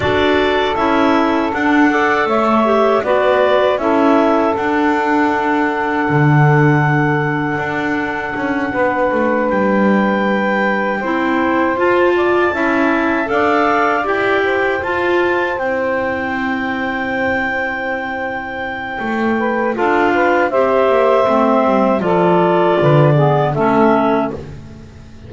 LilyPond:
<<
  \new Staff \with { instrumentName = "clarinet" } { \time 4/4 \tempo 4 = 79 d''4 e''4 fis''4 e''4 | d''4 e''4 fis''2~ | fis''1~ | fis''8 g''2. a''8~ |
a''4. f''4 g''4 a''8~ | a''8 g''2.~ g''8~ | g''2 f''4 e''4~ | e''4 d''2 e''4 | }
  \new Staff \with { instrumentName = "saxophone" } { \time 4/4 a'2~ a'8 d''8 cis''4 | b'4 a'2.~ | a'2.~ a'8 b'8~ | b'2~ b'8 c''4. |
d''8 e''4 d''4. c''4~ | c''1~ | c''4. b'8 a'8 b'8 c''4~ | c''4 a'4 b'8 gis'8 a'4 | }
  \new Staff \with { instrumentName = "clarinet" } { \time 4/4 fis'4 e'4 d'8 a'4 g'8 | fis'4 e'4 d'2~ | d'1~ | d'2~ d'8 e'4 f'8~ |
f'8 e'4 a'4 g'4 f'8~ | f'8 e'2.~ e'8~ | e'2 f'4 g'4 | c'4 f'4. b8 cis'4 | }
  \new Staff \with { instrumentName = "double bass" } { \time 4/4 d'4 cis'4 d'4 a4 | b4 cis'4 d'2 | d2 d'4 cis'8 b8 | a8 g2 c'4 f'8~ |
f'8 cis'4 d'4 e'4 f'8~ | f'8 c'2.~ c'8~ | c'4 a4 d'4 c'8 ais8 | a8 g8 f4 d4 a4 | }
>>